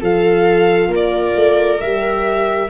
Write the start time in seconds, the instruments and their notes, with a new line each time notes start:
0.00 tuba F3, horn F4, viola A4, violin F5
0.87 tuba A#3, viola A#4
0.95 violin D5
1.35 tuba A3
1.80 tuba G3, horn G4, violin E5